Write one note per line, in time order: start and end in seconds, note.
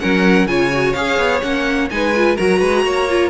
0.00 0.46 F#3
0.00 0.47 C#4
0.00 0.48 A#4
0.00 0.47 F#5
0.46 0.94 C#3
0.46 0.72 F4
0.46 1.92 C#5
0.46 0.93 G#5
0.72 0.96 F#4
0.93 1.18 C#4
0.93 1.42 G#4
0.93 1.41 F5
1.18 1.42 B3
1.42 1.91 A#3
1.42 1.89 C#4
1.42 1.89 F#5
1.91 2.38 G#3
1.91 2.15 D#4
1.91 2.37 B4
1.91 2.37 G#5
2.16 2.38 F4
2.37 2.61 F#3
2.37 3.09 F#4
2.37 2.59 A#4
2.37 3.30 A#5
2.59 2.84 G#3
2.59 2.83 B4
2.84 3.30 A#3
2.84 3.30 C#5
3.09 3.30 F4